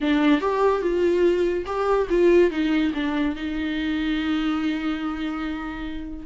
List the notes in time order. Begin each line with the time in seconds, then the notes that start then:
0.01 D4
0.41 G4
0.81 F4
1.66 G4
2.09 F4
2.50 D#4
2.93 D4
3.35 D#4